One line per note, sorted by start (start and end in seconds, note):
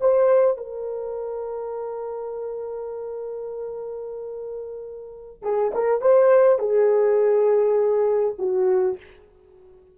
0.00 0.57 C5
0.57 5.42 A#4
5.42 5.72 G#4
5.74 6.01 A#4
6.01 6.59 C5
6.59 8.35 G#4
8.38 8.97 F#4